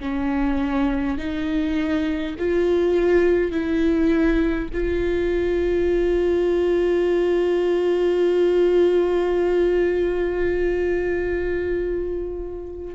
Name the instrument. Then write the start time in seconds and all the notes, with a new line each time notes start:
viola
0.00 C#4
1.18 D#4
2.39 F4
3.51 E4
4.74 F4